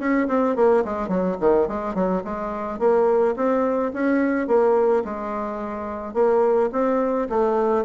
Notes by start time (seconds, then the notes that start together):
0.00 C#4
0.29 C4
0.56 A#3
0.85 G#3
1.09 F#3
1.41 D#3
1.68 G#3
1.95 F#3
2.25 G#3
2.79 A#3
3.37 C4
3.94 C#4
4.48 A#3
5.05 G#3
6.14 A#3
6.73 C4
7.30 A3